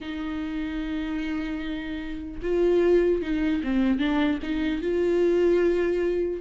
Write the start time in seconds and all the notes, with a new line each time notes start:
0.00 D#4
2.42 F4
3.21 D#4
3.63 C4
3.99 D4
4.42 D#4
4.81 F4